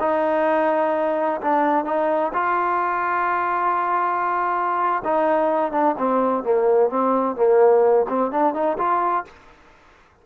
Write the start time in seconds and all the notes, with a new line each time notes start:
0.00 D#4
1.41 D4
1.85 D#4
2.33 F4
5.04 D#4
5.72 D4
5.98 C4
6.43 A#3
6.89 C4
7.36 A#3
8.09 C4
8.31 D4
8.54 D#4
8.78 F4